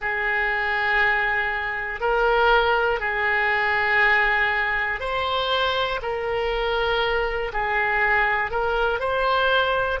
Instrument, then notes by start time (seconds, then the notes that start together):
oboe
0.01 G#4
2.00 A#4
3.00 G#4
5.00 C5
6.01 A#4
7.53 G#4
8.50 A#4
8.99 C5